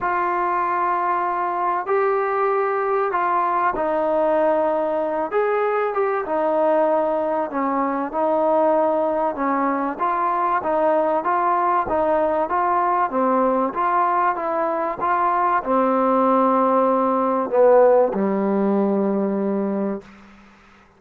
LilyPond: \new Staff \with { instrumentName = "trombone" } { \time 4/4 \tempo 4 = 96 f'2. g'4~ | g'4 f'4 dis'2~ | dis'8 gis'4 g'8 dis'2 | cis'4 dis'2 cis'4 |
f'4 dis'4 f'4 dis'4 | f'4 c'4 f'4 e'4 | f'4 c'2. | b4 g2. | }